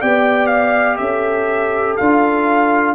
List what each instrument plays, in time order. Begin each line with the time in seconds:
0.00 tuba B3, trombone G4, horn D5, trumpet G5
0.46 trumpet F5
0.97 tuba C#4, horn A4, trumpet E5
1.96 tuba D4, trombone F4, trumpet F5